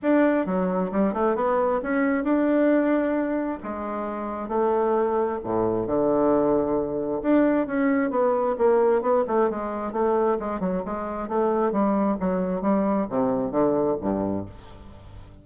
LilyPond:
\new Staff \with { instrumentName = "bassoon" } { \time 4/4 \tempo 4 = 133 d'4 fis4 g8 a8 b4 | cis'4 d'2. | gis2 a2 | a,4 d2. |
d'4 cis'4 b4 ais4 | b8 a8 gis4 a4 gis8 fis8 | gis4 a4 g4 fis4 | g4 c4 d4 g,4 | }